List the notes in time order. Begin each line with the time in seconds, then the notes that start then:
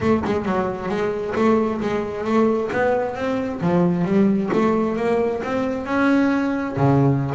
0.00 A3
0.25 G#3
0.45 F#3
0.88 G#3
1.35 A3
1.80 G#3
2.24 A3
2.72 B3
3.15 C4
3.61 F3
4.05 G3
4.52 A3
4.96 A#3
5.43 C4
5.85 C#4
6.76 C#3